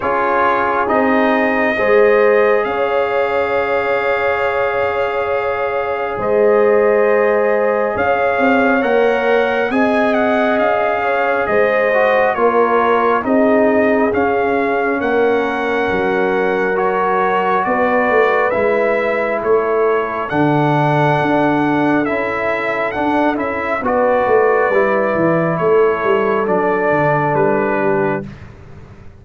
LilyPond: <<
  \new Staff \with { instrumentName = "trumpet" } { \time 4/4 \tempo 4 = 68 cis''4 dis''2 f''4~ | f''2. dis''4~ | dis''4 f''4 fis''4 gis''8 fis''8 | f''4 dis''4 cis''4 dis''4 |
f''4 fis''2 cis''4 | d''4 e''4 cis''4 fis''4~ | fis''4 e''4 fis''8 e''8 d''4~ | d''4 cis''4 d''4 b'4 | }
  \new Staff \with { instrumentName = "horn" } { \time 4/4 gis'2 c''4 cis''4~ | cis''2. c''4~ | c''4 cis''2 dis''4~ | dis''8 cis''8 c''4 ais'4 gis'4~ |
gis'4 ais'2. | b'2 a'2~ | a'2. b'4~ | b'4 a'2~ a'8 g'8 | }
  \new Staff \with { instrumentName = "trombone" } { \time 4/4 f'4 dis'4 gis'2~ | gis'1~ | gis'2 ais'4 gis'4~ | gis'4. fis'8 f'4 dis'4 |
cis'2. fis'4~ | fis'4 e'2 d'4~ | d'4 e'4 d'8 e'8 fis'4 | e'2 d'2 | }
  \new Staff \with { instrumentName = "tuba" } { \time 4/4 cis'4 c'4 gis4 cis'4~ | cis'2. gis4~ | gis4 cis'8 c'8 ais4 c'4 | cis'4 gis4 ais4 c'4 |
cis'4 ais4 fis2 | b8 a8 gis4 a4 d4 | d'4 cis'4 d'8 cis'8 b8 a8 | g8 e8 a8 g8 fis8 d8 g4 | }
>>